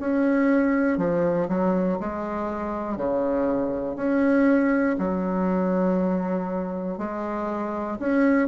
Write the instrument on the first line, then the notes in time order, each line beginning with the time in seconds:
bassoon
0.00 C#4
0.98 F3
1.49 F#3
2.00 G#3
2.97 C#3
3.96 C#4
4.99 F#3
6.98 G#3
8.00 C#4